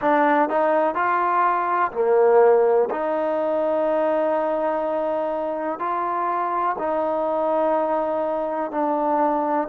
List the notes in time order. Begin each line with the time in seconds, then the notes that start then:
0.00 D4
0.49 D#4
0.95 F4
1.92 A#3
2.90 D#4
5.79 F4
6.78 D#4
8.71 D4